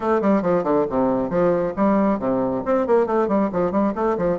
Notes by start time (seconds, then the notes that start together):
0.00 A3
0.21 G3
0.41 F3
0.63 D3
0.89 C3
1.29 F3
1.76 G3
2.19 C3
2.65 C4
2.86 A#3
3.06 A3
3.28 G3
3.52 F3
3.71 G3
3.95 A3
4.17 F3